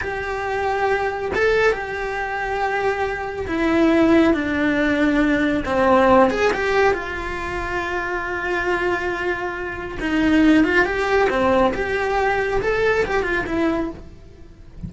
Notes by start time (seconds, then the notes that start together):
0.01 G4
1.34 A4
1.72 G4
3.47 E4
4.33 D4
5.65 C4
6.30 G#4
6.53 G4
6.93 F4
10.00 D#4
10.63 F4
10.85 G4
11.29 C4
11.74 G4
12.61 A4
13.05 G4
13.23 F4
13.46 E4